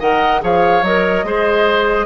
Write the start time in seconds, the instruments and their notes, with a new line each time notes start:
0.00 bassoon D#3, clarinet A#4, oboe D#5, flute F#5
0.41 bassoon F3, clarinet G#4, oboe C#5, flute F5
0.83 bassoon F#3, clarinet A#4, flute D#5
1.24 bassoon G#3, clarinet G#4, oboe C5